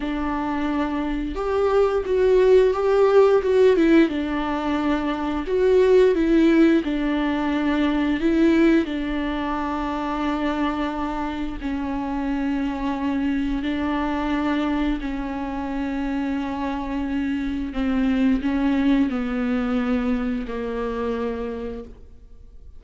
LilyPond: \new Staff \with { instrumentName = "viola" } { \time 4/4 \tempo 4 = 88 d'2 g'4 fis'4 | g'4 fis'8 e'8 d'2 | fis'4 e'4 d'2 | e'4 d'2.~ |
d'4 cis'2. | d'2 cis'2~ | cis'2 c'4 cis'4 | b2 ais2 | }